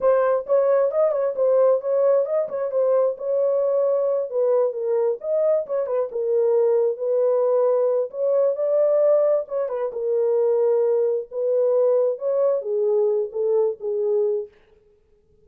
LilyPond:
\new Staff \with { instrumentName = "horn" } { \time 4/4 \tempo 4 = 133 c''4 cis''4 dis''8 cis''8 c''4 | cis''4 dis''8 cis''8 c''4 cis''4~ | cis''4. b'4 ais'4 dis''8~ | dis''8 cis''8 b'8 ais'2 b'8~ |
b'2 cis''4 d''4~ | d''4 cis''8 b'8 ais'2~ | ais'4 b'2 cis''4 | gis'4. a'4 gis'4. | }